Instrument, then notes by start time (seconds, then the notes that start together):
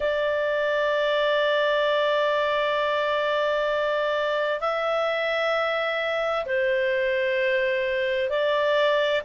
clarinet
0.00 D5
4.60 E5
6.45 C5
8.29 D5